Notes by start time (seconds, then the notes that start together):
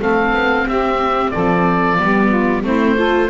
0.00 A3 C4 A4 F5
0.34 B3
0.66 C4 G4 E5
1.31 F3 A4 D5
1.98 G3 B3 G4
2.28 F4
2.64 A3 C4 E4 C5
2.97 F4 A4